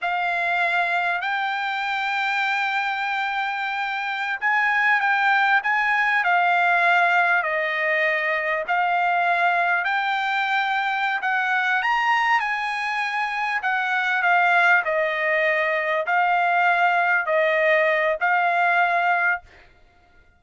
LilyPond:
\new Staff \with { instrumentName = "trumpet" } { \time 4/4 \tempo 4 = 99 f''2 g''2~ | g''2.~ g''16 gis''8.~ | gis''16 g''4 gis''4 f''4.~ f''16~ | f''16 dis''2 f''4.~ f''16~ |
f''16 g''2~ g''16 fis''4 ais''8~ | ais''8 gis''2 fis''4 f''8~ | f''8 dis''2 f''4.~ | f''8 dis''4. f''2 | }